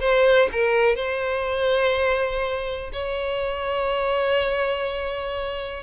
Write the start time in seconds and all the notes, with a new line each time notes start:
0.00 C5
0.52 A#4
0.96 C5
2.93 C#5